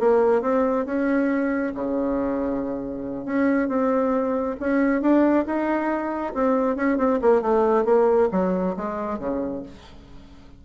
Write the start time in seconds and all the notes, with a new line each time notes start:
0.00 A#3
0.42 C4
0.86 C#4
1.75 C#3
3.26 C#4
3.69 C4
4.61 C#4
5.02 D4
5.47 D#4
6.34 C4
6.77 C#4
6.98 C4
7.22 A#3
7.42 A3
7.85 A#3
8.32 F#3
8.77 G#3
9.19 C#3